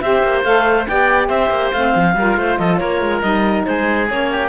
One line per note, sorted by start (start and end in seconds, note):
0.00 0.23 C4
0.00 0.44 G4
0.00 0.88 C5
0.00 0.43 E5
0.23 0.44 A#3
0.44 0.87 A3
0.44 0.87 A4
0.44 0.86 F5
0.87 1.29 B3
0.87 1.74 G4
0.87 1.28 D5
0.87 1.28 G5
1.28 1.50 C4
1.28 2.13 C5
1.28 1.71 E5
1.50 1.71 A#3
1.72 1.94 A3
1.72 2.18 C4
1.72 2.57 F5
1.95 2.15 F3
2.15 2.37 G3
2.15 3.22 F4
2.15 2.38 A#4
2.37 2.58 A3
2.37 2.59 C5
2.57 2.80 F3
2.57 2.80 A4
2.57 2.77 D#5
2.77 3.01 A#3
2.77 3.66 A#4
2.77 3.20 C#5
3.01 3.22 G#3
3.21 3.66 G3
3.21 4.08 D#4
3.21 3.64 D#5
3.65 4.10 G#3
3.65 4.31 G#4
3.65 4.08 C5
4.08 4.49 A#3
4.08 4.49 C#4
4.08 4.49 C#5
4.31 4.49 G4